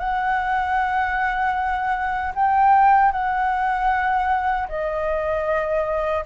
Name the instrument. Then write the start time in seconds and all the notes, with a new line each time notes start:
flute
0.00 F#5
2.36 G5
3.12 F#5
4.69 D#5